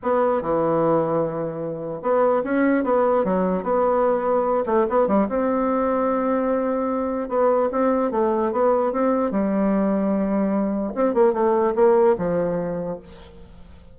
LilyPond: \new Staff \with { instrumentName = "bassoon" } { \time 4/4 \tempo 4 = 148 b4 e2.~ | e4 b4 cis'4 b4 | fis4 b2~ b8 a8 | b8 g8 c'2.~ |
c'2 b4 c'4 | a4 b4 c'4 g4~ | g2. c'8 ais8 | a4 ais4 f2 | }